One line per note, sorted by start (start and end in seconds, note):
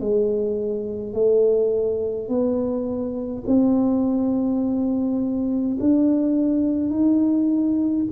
0.00 1.13 G#3
1.13 2.28 A3
2.28 3.44 B3
3.47 5.77 C4
5.80 6.90 D4
6.90 8.05 D#4